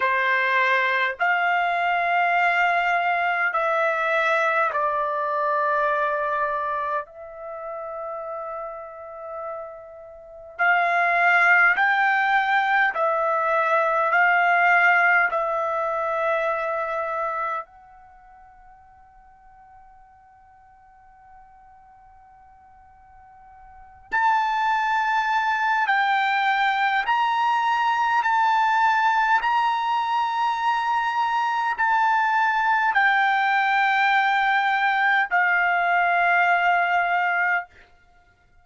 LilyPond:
\new Staff \with { instrumentName = "trumpet" } { \time 4/4 \tempo 4 = 51 c''4 f''2 e''4 | d''2 e''2~ | e''4 f''4 g''4 e''4 | f''4 e''2 fis''4~ |
fis''1~ | fis''8 a''4. g''4 ais''4 | a''4 ais''2 a''4 | g''2 f''2 | }